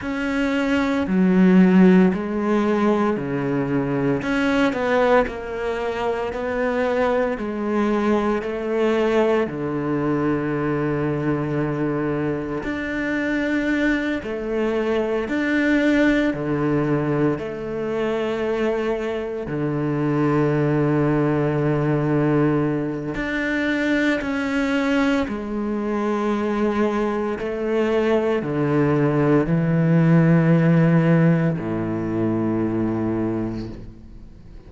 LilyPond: \new Staff \with { instrumentName = "cello" } { \time 4/4 \tempo 4 = 57 cis'4 fis4 gis4 cis4 | cis'8 b8 ais4 b4 gis4 | a4 d2. | d'4. a4 d'4 d8~ |
d8 a2 d4.~ | d2 d'4 cis'4 | gis2 a4 d4 | e2 a,2 | }